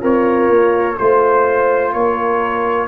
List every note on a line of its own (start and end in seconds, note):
0.00 0.50 C4
0.00 0.95 F4
0.00 0.97 A#4
0.00 0.98 C#5
0.50 0.98 A#3
0.98 1.94 A3
0.98 2.89 F4
0.98 1.93 C5
0.98 1.95 C5
1.93 2.89 A#3
1.93 2.89 A#4
1.93 2.88 C#5